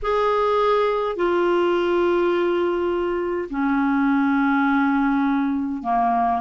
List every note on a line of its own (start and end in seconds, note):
0.02 1.15 G#4
1.15 3.48 F4
3.50 5.83 C#4
5.83 6.41 A#3